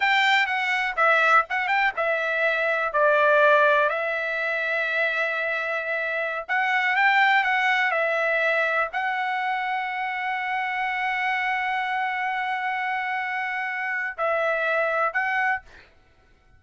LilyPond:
\new Staff \with { instrumentName = "trumpet" } { \time 4/4 \tempo 4 = 123 g''4 fis''4 e''4 fis''8 g''8 | e''2 d''2 | e''1~ | e''4~ e''16 fis''4 g''4 fis''8.~ |
fis''16 e''2 fis''4.~ fis''16~ | fis''1~ | fis''1~ | fis''4 e''2 fis''4 | }